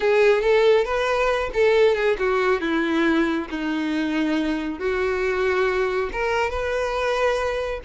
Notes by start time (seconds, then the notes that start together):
0.00 G#4
0.42 A4
0.84 B4
1.53 A4
1.95 G#4
2.18 F#4
2.60 E4
3.50 D#4
4.79 F#4
6.12 A#4
6.50 B4